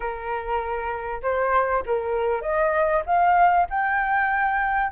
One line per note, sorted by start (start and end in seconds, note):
0.00 1.21 A#4
1.22 1.83 C5
1.86 2.41 A#4
2.41 3.03 D#5
3.06 3.67 F5
3.70 4.91 G5